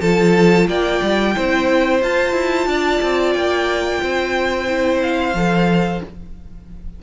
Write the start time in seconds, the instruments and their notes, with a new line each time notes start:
0.00 cello F3, viola F4, violin A4 A5
0.67 cello A#3, violin D5 G5
1.02 cello G3
1.35 cello C4, viola E4, violin C5
2.01 viola F4, cello F4, violin A5
2.33 cello E4
2.66 cello D4, violin D5
3.02 cello C4
3.33 cello A#3, violin G5
4.02 cello C4, violin C5
4.67 viola E4
5.02 violin F5
5.33 cello F3, viola A4